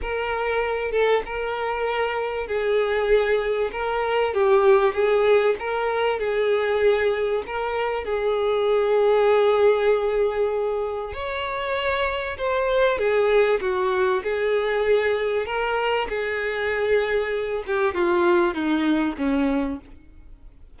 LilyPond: \new Staff \with { instrumentName = "violin" } { \time 4/4 \tempo 4 = 97 ais'4. a'8 ais'2 | gis'2 ais'4 g'4 | gis'4 ais'4 gis'2 | ais'4 gis'2.~ |
gis'2 cis''2 | c''4 gis'4 fis'4 gis'4~ | gis'4 ais'4 gis'2~ | gis'8 g'8 f'4 dis'4 cis'4 | }